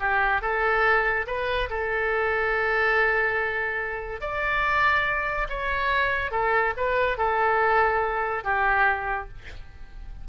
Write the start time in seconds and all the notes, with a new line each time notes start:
0.00 G4
0.42 A4
1.27 B4
1.70 A4
4.21 D5
5.50 C#5
6.32 A4
6.77 B4
7.18 A4
8.44 G4